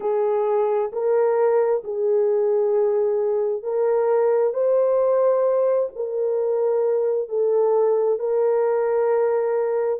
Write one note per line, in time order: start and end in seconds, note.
0.00 0.91 G#4
0.92 1.83 A#4
1.84 3.62 G#4
3.62 4.53 A#4
4.53 5.89 C5
5.95 7.28 A#4
7.28 8.19 A4
8.19 10.00 A#4